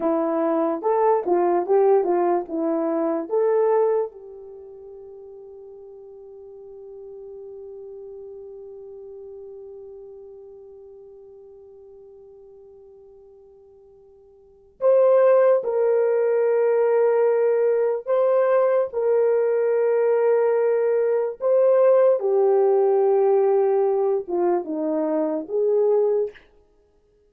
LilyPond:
\new Staff \with { instrumentName = "horn" } { \time 4/4 \tempo 4 = 73 e'4 a'8 f'8 g'8 f'8 e'4 | a'4 g'2.~ | g'1~ | g'1~ |
g'2 c''4 ais'4~ | ais'2 c''4 ais'4~ | ais'2 c''4 g'4~ | g'4. f'8 dis'4 gis'4 | }